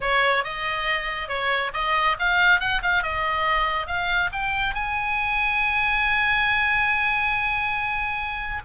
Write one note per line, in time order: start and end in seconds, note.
0.00 0.43 C#5
0.44 1.28 D#5
1.28 1.71 C#5
1.73 2.16 D#5
2.19 2.60 F5
2.60 2.81 F#5
2.82 3.03 F5
3.03 3.87 D#5
3.87 4.30 F5
4.32 4.74 G5
4.74 8.62 G#5